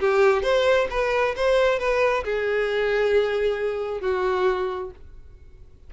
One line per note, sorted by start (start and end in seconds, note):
0.00 0.43 G4
0.43 0.88 C5
0.91 1.35 B4
1.36 1.80 C5
1.80 2.24 B4
2.24 4.01 G#4
4.01 4.91 F#4